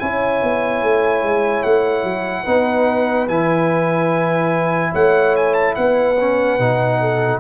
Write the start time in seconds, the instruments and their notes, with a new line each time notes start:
0.00 tuba C#4, trombone E4, horn C#5, trumpet G#5
0.43 tuba B3
0.83 tuba A3
1.23 tuba G#3
1.63 tuba A3, trumpet F#5
2.04 tuba F#3
2.44 tuba B3, trombone D#4, horn B4
3.28 tuba E3, trombone E4, trumpet G#5
4.92 tuba A3, horn C#5, trumpet F#5
5.36 trumpet G#5
5.54 trumpet A5
5.76 tuba B3, horn B4, trumpet F#5
6.21 trombone C#4
6.59 tuba B2, trombone D#4
7.01 horn A4